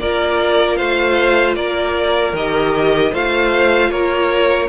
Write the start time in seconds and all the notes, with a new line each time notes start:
0.00 A#3 F4 A#4 D5
0.77 A3 C5 F5
1.56 A#3 A#4 D5
2.33 D#3 G4 D#5
3.13 A3 F4 C5 F5
3.90 A#3 A#4 C#5